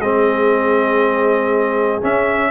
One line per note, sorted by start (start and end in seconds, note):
0.00 2.02 G#3
0.00 2.02 C4
0.00 2.51 G#4
0.00 2.03 D#5
2.02 2.51 C#4
2.02 2.51 E5